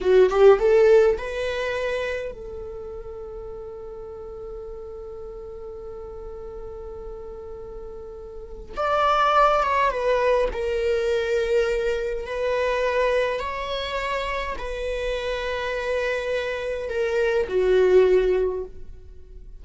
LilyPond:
\new Staff \with { instrumentName = "viola" } { \time 4/4 \tempo 4 = 103 fis'8 g'8 a'4 b'2 | a'1~ | a'1~ | a'2. d''4~ |
d''8 cis''8 b'4 ais'2~ | ais'4 b'2 cis''4~ | cis''4 b'2.~ | b'4 ais'4 fis'2 | }